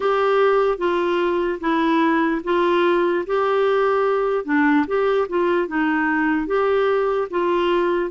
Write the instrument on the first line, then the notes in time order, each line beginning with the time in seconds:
clarinet
0.00 G4
0.78 F4
1.60 E4
2.44 F4
3.26 G4
4.44 D4
4.86 G4
5.29 F4
5.68 D#4
6.46 G4
7.30 F4